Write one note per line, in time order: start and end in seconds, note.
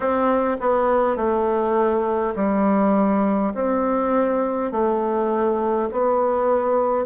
0.00 0.57 C4
0.60 1.16 B3
1.16 2.34 A3
2.35 3.53 G3
3.54 4.71 C4
4.71 5.89 A3
5.91 7.05 B3